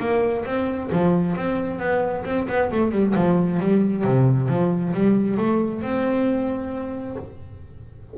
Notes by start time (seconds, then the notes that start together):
0.00 A#3
0.46 C4
0.92 F3
1.36 C4
1.80 B3
2.25 C4
2.49 B3
2.72 A3
2.92 G3
3.16 F3
3.60 G3
4.04 C3
4.49 F3
4.94 G3
5.38 A3
5.82 C4